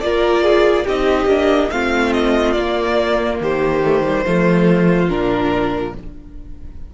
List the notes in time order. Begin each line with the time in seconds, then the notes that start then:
0.00 A#3 F4 A#4 D5
0.43 G#4
0.85 C4 D#4 G4 D#5
1.26 A#3 D4
1.70 A3 C4 F4 F5
2.12 D#5
2.52 A#3 D5
3.40 D#3 G4 C5
3.82 A3
4.03 G3
4.24 F3 A3 F4
5.08 A#2 D4 A#4